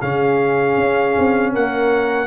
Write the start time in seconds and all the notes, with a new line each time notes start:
0.00 C#3 C#4 G#4 F5
0.77 C#4
1.18 C4
1.53 A#3 A#4 F#5